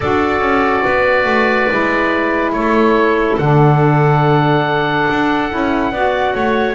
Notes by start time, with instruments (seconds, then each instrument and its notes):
0.00 double bass D4, saxophone F#4, clarinet A4, oboe D5
0.40 double bass C#4
0.83 double bass B3, clarinet B4
1.25 double bass A3
1.70 double bass G#3, saxophone E4
2.52 double bass A3, clarinet A4, oboe C#5
3.37 double bass D3, saxophone D4, oboe F#5
5.10 double bass D4
5.49 double bass C#4, saxophone E4
5.91 double bass B3, saxophone F#4, clarinet D5
6.33 double bass A3, clarinet C#5